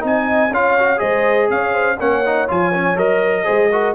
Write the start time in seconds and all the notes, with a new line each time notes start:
0.00 C4 D#4 D#5
0.06 G#5
0.51 C#4 F4 C#5 F5
0.79 F#4
0.97 G#3 G#4 C5 D#5
1.50 C#4 C#5 F5
1.73 C5
1.99 A#3 C#4 C#5 F#5
2.26 D#4
2.48 F3 F4 G#5
2.74 C#4
2.96 F#3 A#4 D#5
3.45 G#3 G#4 C5
3.72 F#4 A#4